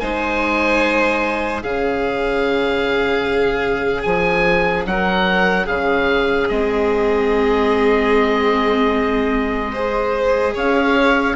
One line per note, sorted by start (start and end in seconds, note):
0.00 1.64 G#3
0.00 1.63 D#4
0.00 1.63 C5
0.00 1.62 G#5
1.63 4.06 C#3
1.63 6.50 C#4
1.63 4.87 G#4
1.63 4.02 F5
4.02 4.86 F3
4.02 4.83 G#5
4.86 5.67 F#3
4.86 5.66 A#4
4.86 5.67 F#5
5.66 6.50 C#3
5.66 9.71 G#4
5.66 6.48 F5
6.49 10.55 G#3
6.49 9.74 C4
6.49 10.54 D#5
9.73 11.36 G#4
9.73 10.54 C5
10.55 11.36 C#4
10.55 11.36 C#5
10.55 11.36 F5